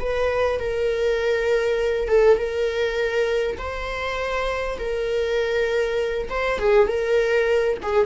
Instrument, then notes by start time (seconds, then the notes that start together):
viola
0.00 B4
0.60 A#4
2.09 A4
2.38 A#4
3.58 C5
4.79 A#4
6.30 C5
6.59 G#4
6.88 A#4
7.83 G#4